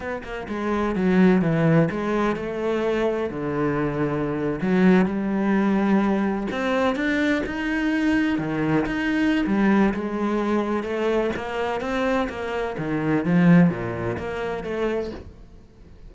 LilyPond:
\new Staff \with { instrumentName = "cello" } { \time 4/4 \tempo 4 = 127 b8 ais8 gis4 fis4 e4 | gis4 a2 d4~ | d4.~ d16 fis4 g4~ g16~ | g4.~ g16 c'4 d'4 dis'16~ |
dis'4.~ dis'16 dis4 dis'4~ dis'16 | g4 gis2 a4 | ais4 c'4 ais4 dis4 | f4 ais,4 ais4 a4 | }